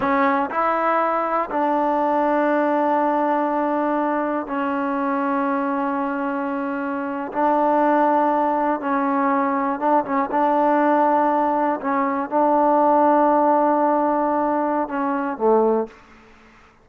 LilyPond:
\new Staff \with { instrumentName = "trombone" } { \time 4/4 \tempo 4 = 121 cis'4 e'2 d'4~ | d'1~ | d'4 cis'2.~ | cis'2~ cis'8. d'4~ d'16~ |
d'4.~ d'16 cis'2 d'16~ | d'16 cis'8 d'2. cis'16~ | cis'8. d'2.~ d'16~ | d'2 cis'4 a4 | }